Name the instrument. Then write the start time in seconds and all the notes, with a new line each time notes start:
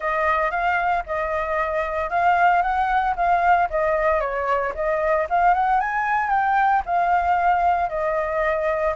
flute
0.00 D#5
0.50 F5
1.06 D#5
2.10 F5
2.61 F#5
3.16 F5
3.69 D#5
4.20 C#5
4.74 D#5
5.29 F5
5.54 F#5
5.80 G#5
6.29 G5
6.85 F5
7.89 D#5